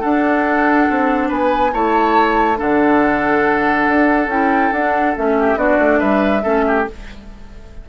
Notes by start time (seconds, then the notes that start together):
0.00 D4 A4 F#5
0.90 C4
1.28 B3 B4 G#5
1.72 A3 E4 C#5 A5
2.56 D3 D4 A4 F#5
3.87 D4
4.27 C#4 E4 G5
4.72 D4 F#5
5.15 A3 C#4 E5
5.39 G4
5.55 B3 D4 F#4 D5
5.79 A3
5.99 G3 B4 E5
6.42 A3 C#4 A4
6.67 G4